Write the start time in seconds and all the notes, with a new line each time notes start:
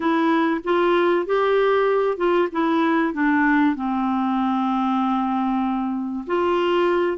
0.00 E4
0.64 F4
1.26 G4
2.17 F4
2.52 E4
3.13 D4
3.75 C4
6.26 F4